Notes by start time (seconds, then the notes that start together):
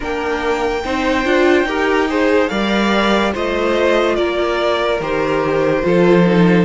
0.00 A#3 D4 A#4 G5
0.84 C4 D#4 C5
1.24 D4 F4
1.63 D#4 G4 A#4
2.08 G#4 C5
2.48 G3 A#4 D5 F5
3.32 A3 F4 C5 D#5
4.15 A#3 A#4 D5
4.99 D#3 G4 C5
5.82 F3 F4 A4
6.25 D#4